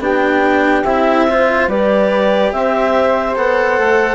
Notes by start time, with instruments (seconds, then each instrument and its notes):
0.00 bassoon B3, cello D4, flute G4, clarinet G5
0.84 bassoon C4, cello E4, clarinet E5
1.30 cello F4, flute C5
1.68 bassoon G3, cello G4, flute B4, clarinet D5
2.53 bassoon C4, flute C5, clarinet E5
3.36 bassoon B3, cello A4, clarinet F#5
3.79 bassoon A3